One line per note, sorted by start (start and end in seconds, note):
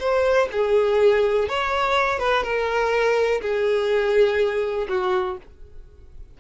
0.00 0.49 C5
0.52 1.49 G#4
1.49 2.19 C#5
2.19 2.43 B4
2.43 3.41 A#4
3.41 4.88 G#4
4.89 5.38 F#4